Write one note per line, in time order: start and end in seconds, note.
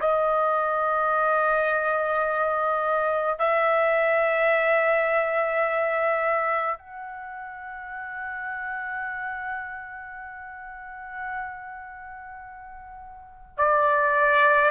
0.00 3.39 D#5
3.39 6.78 E5
6.78 13.57 F#5
13.57 14.70 D5